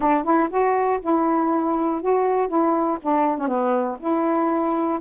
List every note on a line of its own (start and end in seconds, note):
0.00 0.24 D4
0.24 0.49 E4
0.50 1.00 F#4
1.01 2.01 E4
2.01 2.48 F#4
2.48 2.98 E4
3.01 3.38 D4
3.38 3.47 C#4
3.47 3.97 B3
3.99 4.99 E4